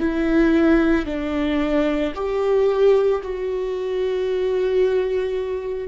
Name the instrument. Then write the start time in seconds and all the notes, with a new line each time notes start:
viola
0.00 E4
1.06 D4
2.15 G4
3.23 F#4